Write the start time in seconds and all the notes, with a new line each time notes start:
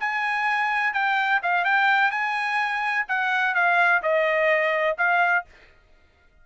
0.00 G#5
0.93 G5
1.43 F5
1.65 G5
2.11 G#5
3.08 F#5
3.55 F5
4.03 D#5
4.98 F5